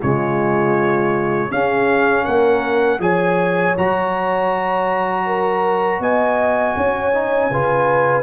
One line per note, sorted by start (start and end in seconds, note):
0.00 1.51 C#3
0.00 1.51 G#3
0.00 1.50 F4
0.00 1.51 C#5
1.51 2.26 C#4
1.51 3.00 C#4
1.51 2.24 G#4
1.51 2.24 F5
2.24 2.99 A#3
2.24 2.99 A#4
2.24 2.99 F#5
2.99 3.74 F3
2.99 3.75 G#4
2.99 5.26 C#5
2.99 3.76 G#5
3.77 5.99 F#3
3.77 7.13 F#4
3.77 6.02 A#5
5.26 6.01 A#4
5.99 6.74 B3
5.99 6.76 D#5
5.99 8.22 G#5
6.76 7.50 C#4
6.76 7.52 C#5
7.13 7.51 D#4
7.50 8.22 C#3
7.50 8.22 F4
7.50 8.22 B4